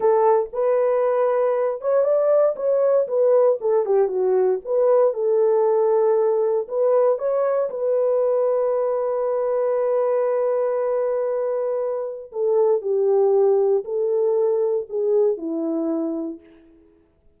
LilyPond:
\new Staff \with { instrumentName = "horn" } { \time 4/4 \tempo 4 = 117 a'4 b'2~ b'8 cis''8 | d''4 cis''4 b'4 a'8 g'8 | fis'4 b'4 a'2~ | a'4 b'4 cis''4 b'4~ |
b'1~ | b'1 | a'4 g'2 a'4~ | a'4 gis'4 e'2 | }